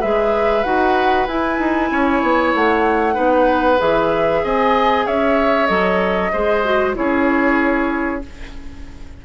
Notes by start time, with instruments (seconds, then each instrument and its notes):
0.00 bassoon G#3, clarinet G#4, oboe B4, flute E5
0.64 bassoon D#4, clarinet F#4, flute F#5
1.28 bassoon E4, clarinet E4, flute G#5
1.59 bassoon D#4
1.91 bassoon C#4, oboe C#5
2.22 bassoon B3
2.54 bassoon A3, flute F#5
3.14 bassoon B3, clarinet D#4, oboe B4
3.78 bassoon E3, clarinet G#4, flute E5
4.44 bassoon C4, oboe D#5, flute G#5
5.06 bassoon C#4, oboe C#5, flute E5
5.66 bassoon F#3, clarinet A4, flute D#5
6.32 bassoon G#3, clarinet G#4, oboe C5
6.65 clarinet F#4
6.95 bassoon C#4, clarinet E4, oboe G#4, flute C#5